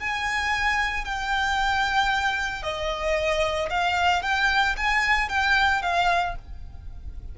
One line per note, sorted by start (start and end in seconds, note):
0.00 1.05 G#5
1.05 2.63 G5
2.63 3.69 D#5
3.70 4.23 F5
4.23 4.76 G5
4.77 5.29 G#5
5.29 5.82 G5
5.82 6.35 F5